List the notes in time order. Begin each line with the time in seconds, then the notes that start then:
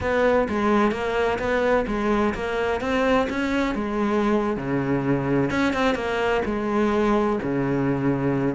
0.01 B3
0.48 G#3
0.91 A#3
1.38 B3
1.87 G#3
2.34 A#3
2.80 C4
3.29 C#4
3.74 G#3
4.57 C#3
5.50 C#4
5.73 C4
5.94 A#3
6.45 G#3
7.42 C#3